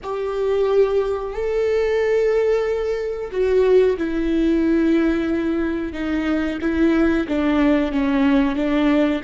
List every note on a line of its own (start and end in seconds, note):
0.03 1.32 G4
1.32 3.30 A4
3.31 3.97 F#4
3.97 5.93 E4
5.93 6.58 D#4
6.61 7.27 E4
7.27 7.92 D4
7.92 8.55 C#4
8.55 9.21 D4